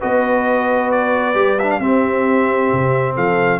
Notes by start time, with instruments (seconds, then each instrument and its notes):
0.00 tuba B3, trombone F#4, horn B4, trumpet D#5
0.92 trumpet D5
1.35 tuba G3, trombone G4
1.59 trombone D4, trumpet E5
1.70 trumpet F5
1.80 tuba C4, trombone C4, horn G4, trumpet E5
2.73 tuba C3
3.15 tuba F3, horn A4, trumpet F5